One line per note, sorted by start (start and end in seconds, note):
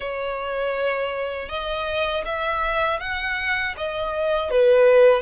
0.00 1.49 C#5
1.49 2.24 D#5
2.25 2.99 E5
2.99 3.74 F#5
3.77 4.50 D#5
4.50 5.22 B4